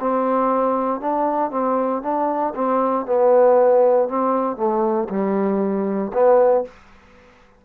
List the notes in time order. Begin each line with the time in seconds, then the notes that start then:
0.00 C4
1.01 D4
1.51 C4
2.03 D4
2.55 C4
3.06 B3
4.09 C4
4.57 A3
5.09 G3
6.14 B3